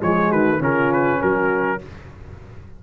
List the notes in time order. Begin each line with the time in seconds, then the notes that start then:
0.00 F3 G#3 G#4 C#5
0.29 D#3 F#4 B4
0.59 C#3 C#4 F4 A#4
0.93 B4
1.20 F#3 F#4 A#4